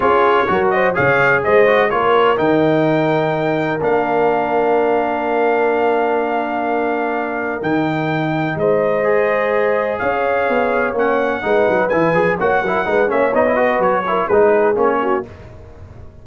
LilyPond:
<<
  \new Staff \with { instrumentName = "trumpet" } { \time 4/4 \tempo 4 = 126 cis''4. dis''8 f''4 dis''4 | cis''4 g''2. | f''1~ | f''1 |
g''2 dis''2~ | dis''4 f''2 fis''4~ | fis''4 gis''4 fis''4. e''8 | dis''4 cis''4 b'4 cis''4 | }
  \new Staff \with { instrumentName = "horn" } { \time 4/4 gis'4 ais'8 c''8 cis''4 c''4 | ais'1~ | ais'1~ | ais'1~ |
ais'2 c''2~ | c''4 cis''2. | b'2 cis''8 ais'8 b'8 cis''8~ | cis''8 b'4 ais'8 gis'4. fis'8 | }
  \new Staff \with { instrumentName = "trombone" } { \time 4/4 f'4 fis'4 gis'4. fis'8 | f'4 dis'2. | d'1~ | d'1 |
dis'2. gis'4~ | gis'2. cis'4 | dis'4 e'8 gis'8 fis'8 e'8 dis'8 cis'8 | dis'16 e'16 fis'4 e'8 dis'4 cis'4 | }
  \new Staff \with { instrumentName = "tuba" } { \time 4/4 cis'4 fis4 cis4 gis4 | ais4 dis2. | ais1~ | ais1 |
dis2 gis2~ | gis4 cis'4 b4 ais4 | gis8 fis8 e8 f8 ais8 fis8 gis8 ais8 | b4 fis4 gis4 ais4 | }
>>